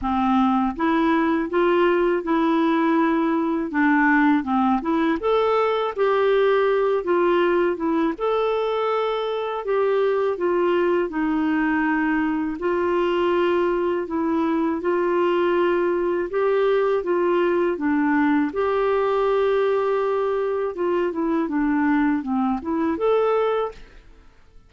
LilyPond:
\new Staff \with { instrumentName = "clarinet" } { \time 4/4 \tempo 4 = 81 c'4 e'4 f'4 e'4~ | e'4 d'4 c'8 e'8 a'4 | g'4. f'4 e'8 a'4~ | a'4 g'4 f'4 dis'4~ |
dis'4 f'2 e'4 | f'2 g'4 f'4 | d'4 g'2. | f'8 e'8 d'4 c'8 e'8 a'4 | }